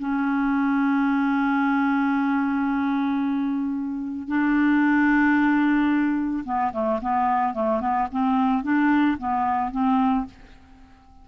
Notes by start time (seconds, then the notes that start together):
0.00 C#4
4.28 D4
6.45 B3
6.73 A3
7.02 B3
7.54 A3
7.81 B3
8.12 C4
8.64 D4
9.19 B3
9.72 C4